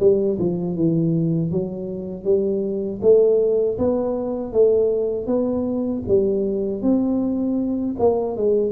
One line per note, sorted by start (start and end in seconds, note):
0.00 0.38 G3
0.39 0.76 F3
0.76 1.51 E3
1.51 2.24 F#3
2.24 3.00 G3
3.02 3.78 A3
3.78 4.53 B3
4.53 5.27 A3
5.27 6.03 B3
6.08 6.82 G3
6.82 7.96 C4
7.99 8.37 A#3
8.37 8.72 G#3